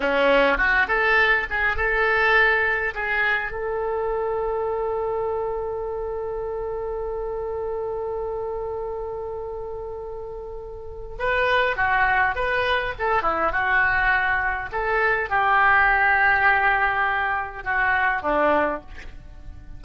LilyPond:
\new Staff \with { instrumentName = "oboe" } { \time 4/4 \tempo 4 = 102 cis'4 fis'8 a'4 gis'8 a'4~ | a'4 gis'4 a'2~ | a'1~ | a'1~ |
a'2. b'4 | fis'4 b'4 a'8 e'8 fis'4~ | fis'4 a'4 g'2~ | g'2 fis'4 d'4 | }